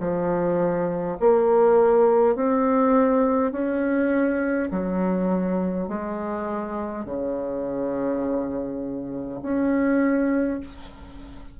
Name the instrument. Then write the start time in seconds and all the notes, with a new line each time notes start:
bassoon
0.00 F3
1.20 A#3
2.36 C4
3.52 C#4
4.71 F#3
5.88 G#3
7.05 C#3
9.42 C#4